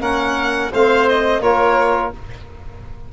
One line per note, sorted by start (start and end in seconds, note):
0.00 0.71 A#3
0.00 0.71 C#4
0.00 0.72 A#4
0.00 0.72 F#5
0.72 1.40 A3
0.72 1.42 C4
0.72 1.42 C5
0.72 1.09 F5
1.09 1.42 D#5
1.40 2.11 A#3
1.40 2.13 F4
1.40 2.12 A#4
1.40 2.12 C#5